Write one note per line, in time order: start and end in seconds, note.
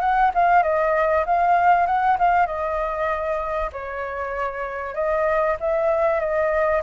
0.00 0.31 F#5
0.34 0.63 F5
0.63 1.25 D#5
1.26 1.86 F5
1.86 2.17 F#5
2.19 2.47 F5
2.47 3.70 D#5
3.73 4.95 C#5
4.95 5.56 D#5
5.60 6.20 E5
6.20 6.82 D#5